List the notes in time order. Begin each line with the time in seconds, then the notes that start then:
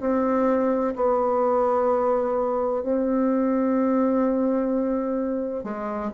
0.00 C4
0.95 B3
2.83 C4
5.63 G#3